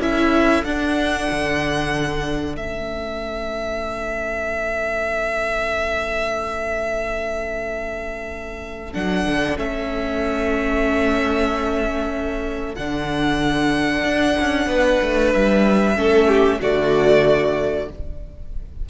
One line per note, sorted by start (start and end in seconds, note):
0.00 0.64 C#4
0.00 0.65 E4
0.00 14.68 A4
0.00 0.65 E5
0.64 1.28 D4
0.64 2.58 D4
0.64 2.56 F#5
1.32 2.56 D3
2.56 8.95 A3
2.56 8.94 C#4
2.56 8.94 E5
8.94 9.26 F#3
8.94 9.57 D4
8.94 9.58 F#5
9.26 9.57 D3
9.57 12.76 A3
9.57 12.76 C#4
9.57 12.75 E5
12.75 14.04 D3
12.75 15.96 D4
12.75 15.31 F#5
14.04 14.36 D4
14.41 14.67 C#4
14.67 14.99 B3
14.67 15.96 B4
15.03 15.35 A3
15.34 15.97 G3
15.34 16.61 E5
15.96 16.60 A3
15.96 16.60 C#4
15.96 16.28 A4
16.28 16.60 G4
16.61 17.89 D3
16.61 17.89 A3
16.61 17.89 F#4
16.61 17.90 D5